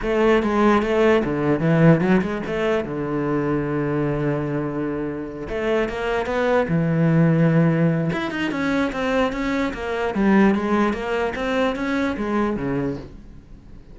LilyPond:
\new Staff \with { instrumentName = "cello" } { \time 4/4 \tempo 4 = 148 a4 gis4 a4 d4 | e4 fis8 gis8 a4 d4~ | d1~ | d4. a4 ais4 b8~ |
b8 e2.~ e8 | e'8 dis'8 cis'4 c'4 cis'4 | ais4 g4 gis4 ais4 | c'4 cis'4 gis4 cis4 | }